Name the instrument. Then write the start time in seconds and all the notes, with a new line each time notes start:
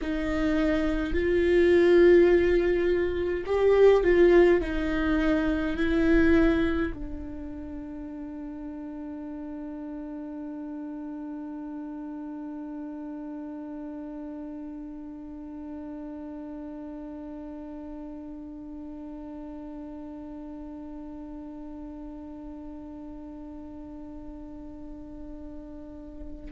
viola
0.01 D#4
1.13 F4
3.46 G4
4.03 F4
4.61 D#4
5.76 E4
6.94 D4